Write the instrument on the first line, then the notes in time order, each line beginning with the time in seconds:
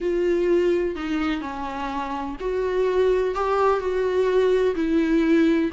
viola
0.00 F4
0.95 D#4
1.41 C#4
2.40 F#4
3.34 G4
3.79 F#4
4.75 E4